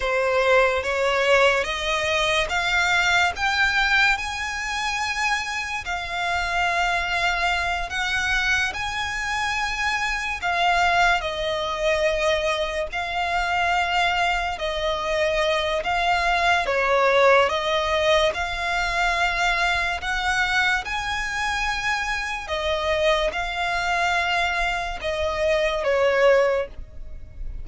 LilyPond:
\new Staff \with { instrumentName = "violin" } { \time 4/4 \tempo 4 = 72 c''4 cis''4 dis''4 f''4 | g''4 gis''2 f''4~ | f''4. fis''4 gis''4.~ | gis''8 f''4 dis''2 f''8~ |
f''4. dis''4. f''4 | cis''4 dis''4 f''2 | fis''4 gis''2 dis''4 | f''2 dis''4 cis''4 | }